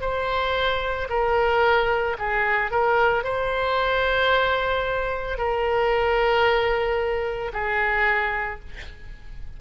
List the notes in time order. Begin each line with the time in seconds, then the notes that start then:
0.00 C5
1.09 A#4
2.18 G#4
2.70 A#4
3.23 C5
5.37 A#4
7.52 G#4